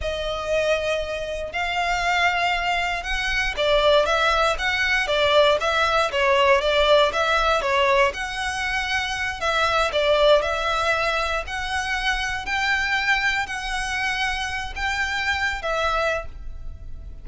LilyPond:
\new Staff \with { instrumentName = "violin" } { \time 4/4 \tempo 4 = 118 dis''2. f''4~ | f''2 fis''4 d''4 | e''4 fis''4 d''4 e''4 | cis''4 d''4 e''4 cis''4 |
fis''2~ fis''8 e''4 d''8~ | d''8 e''2 fis''4.~ | fis''8 g''2 fis''4.~ | fis''4 g''4.~ g''16 e''4~ e''16 | }